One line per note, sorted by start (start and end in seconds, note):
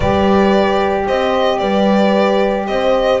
0.00 1.06 G3
0.00 3.20 G4
0.00 1.05 B4
0.00 1.06 D5
1.06 1.60 C4
1.06 1.59 C5
1.06 1.58 D#5
1.58 2.67 G3
1.58 2.67 B4
1.58 2.65 D5
2.67 3.20 C4
2.67 3.20 C5
2.67 3.20 D#5